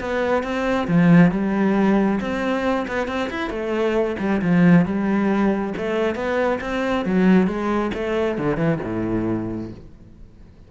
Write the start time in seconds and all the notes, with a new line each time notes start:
0.00 B3
0.43 C4
0.88 F3
1.31 G3
2.20 C4
2.88 B3
3.08 C4
3.30 E4
3.50 A3
4.19 G3
4.42 F3
4.85 G3
5.77 A3
6.15 B3
6.61 C4
7.05 F#3
7.47 G#3
7.94 A3
8.38 D3
8.57 E3
8.83 A2